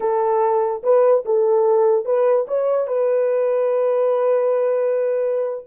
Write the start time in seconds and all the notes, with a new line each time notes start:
0.00 A4
0.83 B4
1.25 A4
2.05 B4
2.47 C#5
2.87 B4